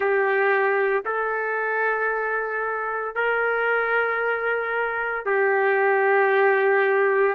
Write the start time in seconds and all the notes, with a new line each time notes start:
0.00 G4
1.05 A4
3.15 A#4
5.25 G4